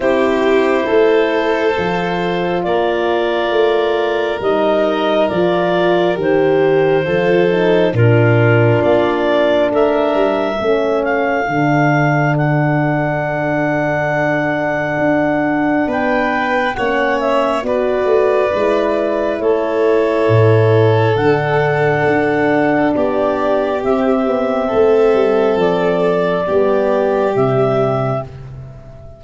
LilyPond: <<
  \new Staff \with { instrumentName = "clarinet" } { \time 4/4 \tempo 4 = 68 c''2. d''4~ | d''4 dis''4 d''4 c''4~ | c''4 ais'4 d''4 e''4~ | e''8 f''4. fis''2~ |
fis''2 g''4 fis''8 e''8 | d''2 cis''2 | fis''2 d''4 e''4~ | e''4 d''2 e''4 | }
  \new Staff \with { instrumentName = "violin" } { \time 4/4 g'4 a'2 ais'4~ | ais'1 | a'4 f'2 ais'4 | a'1~ |
a'2 b'4 cis''4 | b'2 a'2~ | a'2 g'2 | a'2 g'2 | }
  \new Staff \with { instrumentName = "horn" } { \time 4/4 e'2 f'2~ | f'4 dis'4 f'4 g'4 | f'8 dis'8 d'2. | cis'4 d'2.~ |
d'2. cis'4 | fis'4 e'2. | d'2. c'4~ | c'2 b4 g4 | }
  \new Staff \with { instrumentName = "tuba" } { \time 4/4 c'4 a4 f4 ais4 | a4 g4 f4 dis4 | f4 ais,4 ais4 a8 g8 | a4 d2.~ |
d4 d'4 b4 ais4 | b8 a8 gis4 a4 a,4 | d4 d'4 b4 c'8 b8 | a8 g8 f4 g4 c4 | }
>>